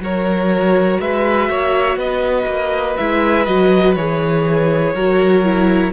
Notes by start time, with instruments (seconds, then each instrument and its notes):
0.00 cello F#3, viola F#4, violin A#4 C#5
1.00 cello G#3, violin B4 E5
1.49 cello A#3, violin C#5
1.96 cello B3, violin B4 D#5
2.46 cello A#3
2.96 cello G#3, viola E4, violin E5
3.45 cello F#3, viola F#4, violin D#5
3.95 cello E3, viola G#4, violin C#5
4.94 cello F#3, viola F#4, violin A#4
5.44 viola E4